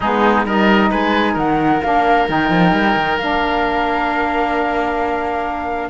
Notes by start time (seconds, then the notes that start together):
0.00 G#3 B3 D#4 G#4
0.45 G3 D#4 A#4 D#5
0.90 G#3 B4 G#5
1.33 D#3 A#4 F#5
1.82 A#3 D4 F5
2.28 D#3 D#4 G5
2.49 F3
2.72 G3
2.95 D#3
3.17 A#3 D4 F5